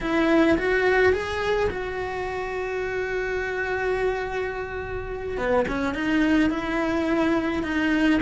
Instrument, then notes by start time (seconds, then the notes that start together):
cello
0.01 E4
0.58 F#4
1.12 G#4
1.70 F#4
5.37 B3
5.68 C#4
5.94 D#4
6.50 E4
7.63 D#4